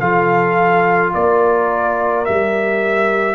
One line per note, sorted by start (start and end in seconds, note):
0.00 1.14 F3
0.00 2.27 F4
0.00 1.14 A4
0.00 1.13 F5
1.14 2.28 A#3
1.14 3.35 A#4
1.14 2.25 D5
2.25 3.35 G3
2.25 3.35 G4
2.25 3.35 E5